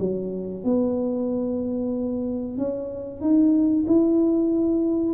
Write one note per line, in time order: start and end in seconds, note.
0.00 0.64 F#3
0.64 2.58 B3
2.58 3.21 C#4
3.21 3.85 D#4
3.87 5.13 E4